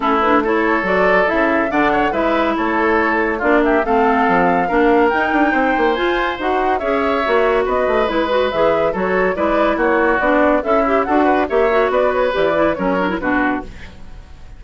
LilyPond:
<<
  \new Staff \with { instrumentName = "flute" } { \time 4/4 \tempo 4 = 141 a'8 b'8 cis''4 d''4 e''4 | fis''4 e''4 cis''2 | d''8 e''8 f''2. | g''2 gis''4 fis''4 |
e''2 dis''4 b'4 | e''4 cis''4 d''4 cis''4 | d''4 e''4 fis''4 e''4 | d''8 cis''8 d''4 cis''4 b'4 | }
  \new Staff \with { instrumentName = "oboe" } { \time 4/4 e'4 a'2. | d''8 cis''8 b'4 a'2 | f'8 g'8 a'2 ais'4~ | ais'4 c''2. |
cis''2 b'2~ | b'4 a'4 b'4 fis'4~ | fis'4 e'4 a'8 b'8 cis''4 | b'2 ais'4 fis'4 | }
  \new Staff \with { instrumentName = "clarinet" } { \time 4/4 cis'8 d'8 e'4 fis'4 e'4 | d'4 e'2. | d'4 c'2 d'4 | dis'2 f'4 fis'4 |
gis'4 fis'2 e'8 fis'8 | gis'4 fis'4 e'2 | d'4 a'8 g'8 fis'4 g'8 fis'8~ | fis'4 g'8 e'8 cis'8 d'16 e'16 d'4 | }
  \new Staff \with { instrumentName = "bassoon" } { \time 4/4 a2 fis4 cis4 | d4 gis4 a2 | ais4 a4 f4 ais4 | dis'8 d'8 c'8 ais8 f'4 dis'4 |
cis'4 ais4 b8 a8 gis4 | e4 fis4 gis4 ais4 | b4 cis'4 d'4 ais4 | b4 e4 fis4 b,4 | }
>>